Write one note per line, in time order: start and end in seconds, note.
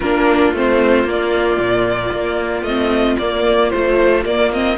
0.00 0.53 A#3
0.00 0.54 D4
0.00 4.77 F4
0.00 0.52 A#4
0.53 1.04 A3
0.53 1.06 C4
0.53 1.09 C5
1.04 1.57 A#3
1.04 2.65 A#3
1.04 2.63 D5
1.58 2.11 A#2
2.12 2.62 A#3
2.62 3.15 A3
2.62 3.20 C4
2.62 3.16 D#5
3.18 3.72 A#3
3.18 3.71 A#3
3.18 3.70 D5
3.70 4.24 F3
3.70 4.25 A3
3.70 4.23 C5
4.24 4.51 A#3
4.24 4.77 A#3
4.24 4.51 D5
4.52 4.77 C4
4.52 4.77 D#5